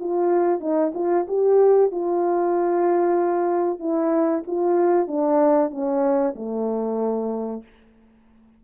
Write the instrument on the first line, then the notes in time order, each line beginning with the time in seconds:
horn
0.00 F4
0.60 D#4
0.95 F4
1.28 G4
1.92 F4
3.80 E4
4.47 F4
5.08 D4
5.71 C#4
6.36 A3